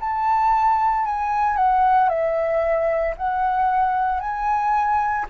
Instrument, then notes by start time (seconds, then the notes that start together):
flute
0.00 A5
1.05 G#5
1.56 F#5
2.09 E5
3.17 F#5
4.20 G#5